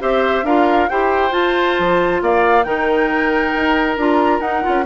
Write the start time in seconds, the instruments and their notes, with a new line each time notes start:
0.00 bassoon C4, clarinet G4, oboe C5, flute E5
0.43 bassoon D4, clarinet F4, oboe A#4, flute F5
0.89 bassoon E4, clarinet G4, oboe C5, flute G5
1.31 clarinet F4, bassoon F4, flute A5
1.79 bassoon F3
2.22 bassoon A#3, oboe D5, flute F5
2.63 bassoon D#3, clarinet D#4, oboe A#4, flute G5
3.55 bassoon D#4
3.97 bassoon D4, clarinet F4, flute A#5
4.40 bassoon D#4, clarinet D#4, flute F#5
4.63 bassoon C#4, clarinet F4